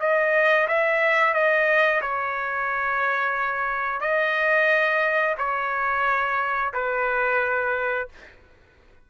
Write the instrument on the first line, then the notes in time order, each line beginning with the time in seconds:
trumpet
0.00 D#5
0.68 E5
1.34 D#5
2.02 C#5
4.01 D#5
5.38 C#5
6.74 B4